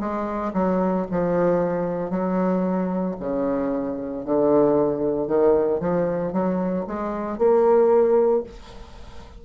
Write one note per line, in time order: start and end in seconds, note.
0.00 0.53 G#3
0.54 1.06 F#3
1.11 2.11 F3
2.11 3.16 F#3
3.20 4.25 C#3
4.25 5.28 D3
5.28 5.80 D#3
5.80 6.33 F3
6.33 6.86 F#3
6.87 7.39 G#3
7.39 8.44 A#3